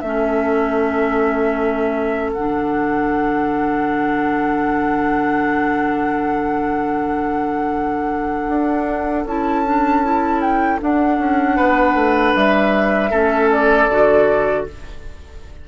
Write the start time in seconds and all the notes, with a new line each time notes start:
0.00 A3 C#4 A4 E5
2.32 D3 D4 F#5
8.47 D4
9.25 C#4 E4 A5
9.65 D4
10.03 E4
10.41 G5
10.79 D4 F#5
11.18 C#4
11.56 B3 B4
11.94 A3
12.34 G3 E5
13.09 A3 C#4 A4
13.51 D5
13.88 D3 F#4